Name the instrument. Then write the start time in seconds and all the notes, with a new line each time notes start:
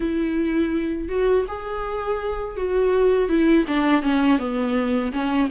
viola
0.00 E4
1.08 F#4
1.48 G#4
2.56 F#4
3.28 E4
3.68 D4
4.02 C#4
4.38 B3
5.12 C#4